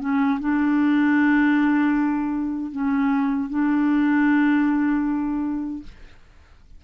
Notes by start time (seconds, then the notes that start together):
0.00 C#4
0.40 D4
2.71 C#4
3.49 D4